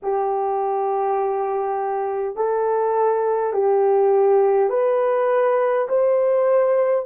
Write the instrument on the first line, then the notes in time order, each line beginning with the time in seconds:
horn
0.02 G4
2.35 A4
3.53 G4
4.70 B4
5.88 C5